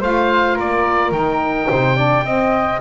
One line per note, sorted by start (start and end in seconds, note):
0.00 0.58 A3
0.00 1.12 F4
0.00 0.55 C5
0.00 0.58 F5
0.55 1.11 A#3
0.55 1.67 A#4
0.55 1.12 D5
1.11 1.67 D#3
1.11 1.96 D#4
1.11 2.80 G5
1.70 2.24 C3
1.70 1.96 C5
1.96 2.24 D4
1.96 2.24 D5
2.24 2.80 C4
2.24 2.81 C4
2.24 2.81 D#5